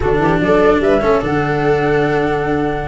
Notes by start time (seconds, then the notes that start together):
0.00 D3 D4 F#4 A4
0.19 E3 G4
0.40 F#3 A4 D5
0.79 G3 B4 E5
1.01 A3 C#4 A4
1.21 D3 D4 F#5